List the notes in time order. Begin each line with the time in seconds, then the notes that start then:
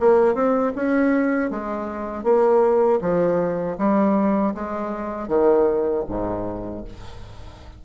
0.00 A#3
0.35 C4
0.76 C#4
1.51 G#3
2.24 A#3
3.01 F3
3.78 G3
4.54 G#3
5.28 D#3
6.08 G#2